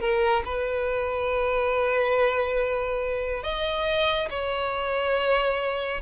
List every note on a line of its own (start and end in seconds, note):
0.00 0.43 A#4
0.45 3.43 B4
3.43 4.29 D#5
4.30 6.01 C#5